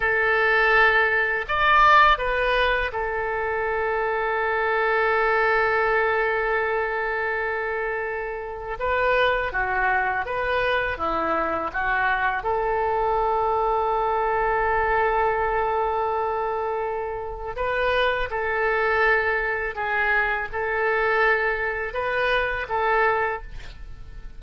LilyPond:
\new Staff \with { instrumentName = "oboe" } { \time 4/4 \tempo 4 = 82 a'2 d''4 b'4 | a'1~ | a'1 | b'4 fis'4 b'4 e'4 |
fis'4 a'2.~ | a'1 | b'4 a'2 gis'4 | a'2 b'4 a'4 | }